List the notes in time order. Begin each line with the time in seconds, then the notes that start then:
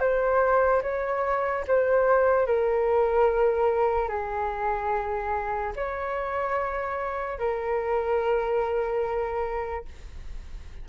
0.00 C5
0.83 C#5
1.68 C5
2.47 A#4
4.09 G#4
5.76 C#5
7.39 A#4